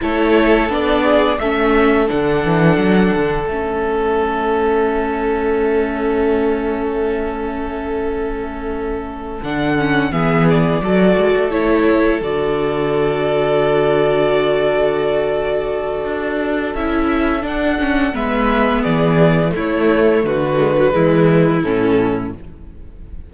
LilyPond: <<
  \new Staff \with { instrumentName = "violin" } { \time 4/4 \tempo 4 = 86 cis''4 d''4 e''4 fis''4~ | fis''4 e''2.~ | e''1~ | e''4. fis''4 e''8 d''4~ |
d''8 cis''4 d''2~ d''8~ | d''1 | e''4 fis''4 e''4 d''4 | cis''4 b'2 a'4 | }
  \new Staff \with { instrumentName = "violin" } { \time 4/4 a'4. gis'8 a'2~ | a'1~ | a'1~ | a'2~ a'8 gis'4 a'8~ |
a'1~ | a'1~ | a'2 b'4 gis'4 | e'4 fis'4 e'2 | }
  \new Staff \with { instrumentName = "viola" } { \time 4/4 e'4 d'4 cis'4 d'4~ | d'4 cis'2.~ | cis'1~ | cis'4. d'8 cis'8 b4 fis'8~ |
fis'8 e'4 fis'2~ fis'8~ | fis'1 | e'4 d'8 cis'8 b2 | a4. gis16 fis16 gis4 cis'4 | }
  \new Staff \with { instrumentName = "cello" } { \time 4/4 a4 b4 a4 d8 e8 | fis8 d8 a2.~ | a1~ | a4. d4 e4 fis8 |
gis16 a4~ a16 d2~ d8~ | d2. d'4 | cis'4 d'4 gis4 e4 | a4 d4 e4 a,4 | }
>>